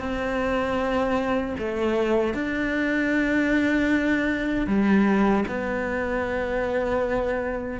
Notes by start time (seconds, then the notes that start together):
0.00 C4
1.58 A3
2.34 D4
4.67 G3
5.48 B3